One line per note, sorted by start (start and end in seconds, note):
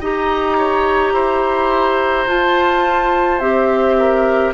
0.00 1.12 D#4
0.00 2.28 G4
0.00 0.57 D#5
0.00 2.28 A#5
0.57 1.13 C#5
1.12 2.26 E4
1.12 3.96 C5
2.26 3.39 F4
2.26 3.40 F4
2.26 3.39 A5
3.39 4.53 C4
3.39 4.53 G4
3.39 4.52 E5
3.98 4.54 A#4